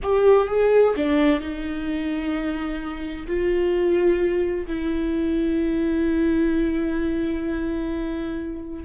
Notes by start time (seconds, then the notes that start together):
0.02 G4
0.47 G#4
0.96 D4
1.40 D#4
3.26 F4
4.66 E4